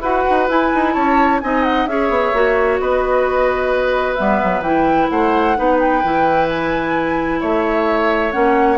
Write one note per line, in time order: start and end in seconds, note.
0.00 0.23 E4
0.00 0.49 F#4
0.00 0.94 B4
0.00 0.48 F#5
0.29 0.48 D#4
0.48 0.71 E4
0.48 1.41 E4
0.48 0.93 G#5
0.74 0.95 D#4
0.93 1.42 C#4
0.93 1.40 C#5
0.93 1.39 A5
1.40 1.86 C4
1.40 1.88 D#4
1.40 1.90 D#5
1.40 1.63 G#5
1.63 1.86 F#5
1.86 2.09 C#4
1.86 2.34 G#4
1.86 2.81 C#5
1.86 2.79 E5
2.09 2.32 B3
2.33 2.79 A#3
2.33 4.17 F#4
2.79 4.18 B3
2.79 5.11 B4
2.79 4.15 D#5
4.15 4.42 G3
4.15 4.63 B3
4.15 4.61 E5
4.43 4.60 F#3
4.60 5.06 E3
4.60 5.56 E4
4.60 5.08 G5
5.09 5.57 A3
5.09 5.57 C5
5.09 5.78 F#5
5.56 6.03 B3
5.56 6.02 D#4
5.56 7.40 B4
5.79 6.48 G5
6.03 7.41 E3
6.03 8.32 E4
6.49 7.41 G#5
7.40 8.34 A3
7.40 8.78 C#5
7.40 8.32 E5
8.32 8.78 A#3
8.32 8.78 C#4
8.32 8.78 F#5